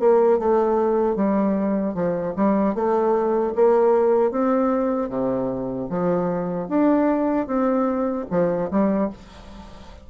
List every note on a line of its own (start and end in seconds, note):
0.00 0.39 A#3
0.39 1.16 A3
1.16 1.95 G3
1.95 2.34 F3
2.36 2.75 G3
2.75 3.54 A3
3.56 4.31 A#3
4.31 5.10 C4
5.10 5.89 C3
5.90 6.69 F3
6.69 7.47 D4
7.47 8.26 C4
8.31 8.70 F3
8.71 9.11 G3